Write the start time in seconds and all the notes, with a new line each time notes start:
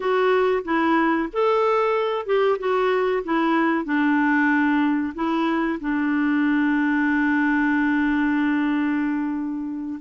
0.00 F#4
0.64 E4
1.32 A4
2.26 G4
2.58 F#4
3.24 E4
3.84 D4
5.14 E4
5.80 D4